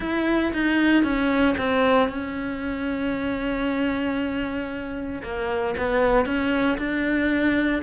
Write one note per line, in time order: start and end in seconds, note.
0.00 0.52 E4
0.53 1.03 D#4
1.03 1.55 C#4
1.57 2.08 C4
2.08 5.22 C#4
5.23 5.75 A#3
5.77 6.25 B3
6.25 6.77 C#4
6.78 7.82 D4